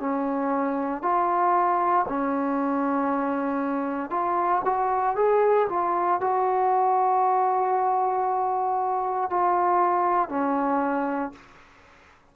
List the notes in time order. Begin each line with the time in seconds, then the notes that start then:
0.00 C#4
1.02 F4
2.08 C#4
4.10 F4
4.64 F#4
5.16 G#4
5.69 F4
6.21 F#4
9.30 F4
10.29 C#4